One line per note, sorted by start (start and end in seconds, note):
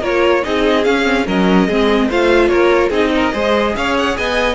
0.00 0.42 A#3
0.00 0.43 F4
0.00 0.41 A#4
0.00 0.44 C#5
0.43 0.86 C4
0.43 0.84 D#4
0.43 1.26 G#4
0.43 0.84 D#5
0.84 1.03 C#4
0.84 1.27 C#4
0.84 1.26 F5
1.03 1.24 C4
1.26 1.68 F#3
1.26 1.69 C#4
1.26 1.67 A#4
1.26 2.10 D#5
1.67 2.09 G#3
1.67 2.11 C4
1.67 2.08 G#4
2.08 2.52 A3
2.08 2.91 F4
2.08 2.49 C5
2.08 2.48 F5
2.48 2.90 A#3
2.48 2.89 A#4
2.48 2.89 C#5
2.89 3.32 C4
2.89 3.31 D#4
2.89 3.10 G#4
2.89 3.76 D#5
3.15 3.33 A#4
3.31 3.75 G#3
3.31 4.55 G#4
3.31 3.75 C5
3.76 4.17 C#4
3.76 4.17 C#5
3.76 3.97 F5
3.97 4.17 F#5
4.17 4.55 B3
4.17 4.55 D#5
4.17 4.55 G#5